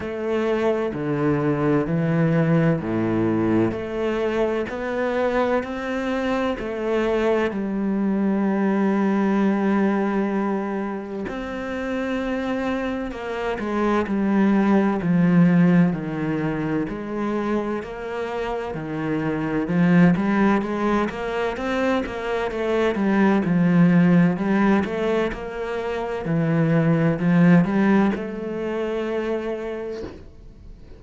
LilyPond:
\new Staff \with { instrumentName = "cello" } { \time 4/4 \tempo 4 = 64 a4 d4 e4 a,4 | a4 b4 c'4 a4 | g1 | c'2 ais8 gis8 g4 |
f4 dis4 gis4 ais4 | dis4 f8 g8 gis8 ais8 c'8 ais8 | a8 g8 f4 g8 a8 ais4 | e4 f8 g8 a2 | }